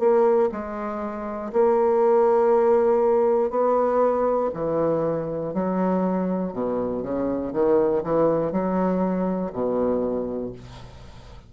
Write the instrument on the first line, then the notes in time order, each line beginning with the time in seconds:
bassoon
0.00 A#3
0.52 G#3
1.53 A#3
3.50 B3
4.54 E3
5.55 F#3
6.54 B2
7.03 C#3
7.53 D#3
8.04 E3
8.52 F#3
9.53 B2